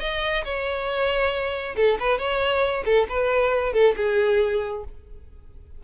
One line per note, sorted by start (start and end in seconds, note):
0.00 0.44 D#5
0.44 1.76 C#5
1.76 1.98 A4
1.99 2.18 B4
2.18 2.84 C#5
2.85 3.07 A4
3.09 3.73 B4
3.73 3.95 A4
3.96 4.84 G#4